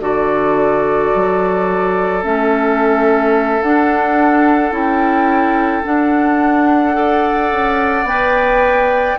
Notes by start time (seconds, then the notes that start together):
0.00 D3 F#4 A4 D5
1.15 F#3
2.22 A3 C#4 E5
3.62 D4 F#5
4.71 C#4 E4 G5
5.84 D4 F#5
6.93 A4 D5
7.51 C#4
8.03 B3 B4 G5